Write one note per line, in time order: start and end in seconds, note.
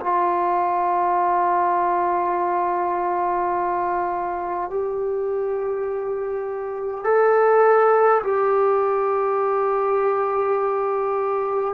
0.00 4.70 F4
4.70 7.04 G4
7.04 8.22 A4
8.23 11.74 G4